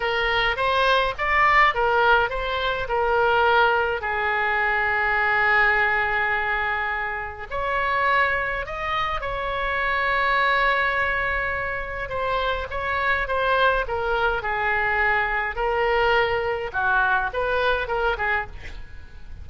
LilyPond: \new Staff \with { instrumentName = "oboe" } { \time 4/4 \tempo 4 = 104 ais'4 c''4 d''4 ais'4 | c''4 ais'2 gis'4~ | gis'1~ | gis'4 cis''2 dis''4 |
cis''1~ | cis''4 c''4 cis''4 c''4 | ais'4 gis'2 ais'4~ | ais'4 fis'4 b'4 ais'8 gis'8 | }